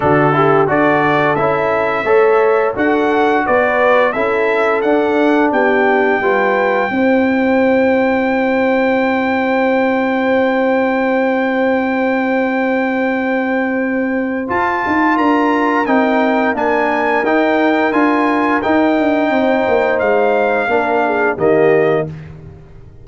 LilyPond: <<
  \new Staff \with { instrumentName = "trumpet" } { \time 4/4 \tempo 4 = 87 a'4 d''4 e''2 | fis''4 d''4 e''4 fis''4 | g''1~ | g''1~ |
g''1~ | g''4 a''4 ais''4 g''4 | gis''4 g''4 gis''4 g''4~ | g''4 f''2 dis''4 | }
  \new Staff \with { instrumentName = "horn" } { \time 4/4 fis'8 g'8 a'2 cis''4 | a'4 b'4 a'2 | g'4 b'4 c''2~ | c''1~ |
c''1~ | c''2 ais'2~ | ais'1 | c''2 ais'8 gis'8 g'4 | }
  \new Staff \with { instrumentName = "trombone" } { \time 4/4 d'8 e'8 fis'4 e'4 a'4 | fis'2 e'4 d'4~ | d'4 f'4 e'2~ | e'1~ |
e'1~ | e'4 f'2 dis'4 | d'4 dis'4 f'4 dis'4~ | dis'2 d'4 ais4 | }
  \new Staff \with { instrumentName = "tuba" } { \time 4/4 d4 d'4 cis'4 a4 | d'4 b4 cis'4 d'4 | b4 g4 c'2~ | c'1~ |
c'1~ | c'4 f'8 dis'8 d'4 c'4 | ais4 dis'4 d'4 dis'8 d'8 | c'8 ais8 gis4 ais4 dis4 | }
>>